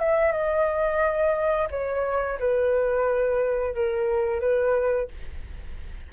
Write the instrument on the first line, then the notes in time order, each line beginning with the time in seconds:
flute
0.00 E5
0.32 D#5
1.71 C#5
2.40 B4
3.75 A#4
4.40 B4